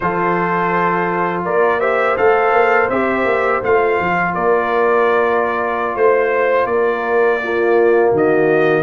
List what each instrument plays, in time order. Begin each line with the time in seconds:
0.00 tuba F3, trombone F4, horn A4, trumpet C5
1.44 tuba A#3, horn A#4, trumpet D5
1.79 trombone G4, horn C5, trumpet E5
2.16 tuba A3, trombone A4, trumpet F5
2.52 tuba A#3
2.89 tuba C4, trombone G4, trumpet E5
3.24 tuba A#3
3.62 tuba A3, trombone F4, trumpet F5
4.00 tuba F3
4.34 tuba A#3, horn A#4, trumpet D5
5.95 tuba A3, horn C5, trumpet C5
6.65 tuba A#3, horn A#4, trumpet D5
7.42 trombone A#3, horn F4
8.10 tuba D#3, horn F#4
8.16 trumpet D#5